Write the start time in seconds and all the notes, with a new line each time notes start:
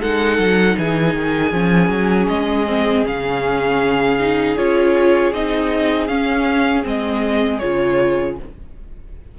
0.00 G#3 D#4 A4 F#5
0.39 F#3
0.78 E3 G#4 G#5
1.16 D#3
1.52 F3 C#4
1.89 F#3
2.28 G#3 D#5
2.67 C4
3.05 C#3 C#4 F5
4.19 D#4
4.57 C#4 F4 C#5
5.33 C4 D#4 D#5
6.07 C#4 F5
6.83 G#3 C4 D#5
7.59 C#3 F4 C#5